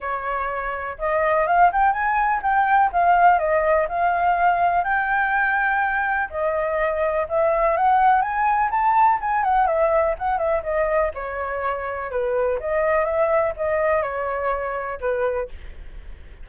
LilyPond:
\new Staff \with { instrumentName = "flute" } { \time 4/4 \tempo 4 = 124 cis''2 dis''4 f''8 g''8 | gis''4 g''4 f''4 dis''4 | f''2 g''2~ | g''4 dis''2 e''4 |
fis''4 gis''4 a''4 gis''8 fis''8 | e''4 fis''8 e''8 dis''4 cis''4~ | cis''4 b'4 dis''4 e''4 | dis''4 cis''2 b'4 | }